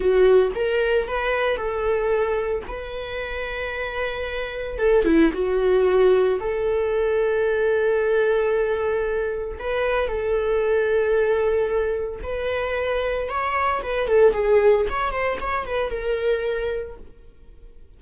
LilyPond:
\new Staff \with { instrumentName = "viola" } { \time 4/4 \tempo 4 = 113 fis'4 ais'4 b'4 a'4~ | a'4 b'2.~ | b'4 a'8 e'8 fis'2 | a'1~ |
a'2 b'4 a'4~ | a'2. b'4~ | b'4 cis''4 b'8 a'8 gis'4 | cis''8 c''8 cis''8 b'8 ais'2 | }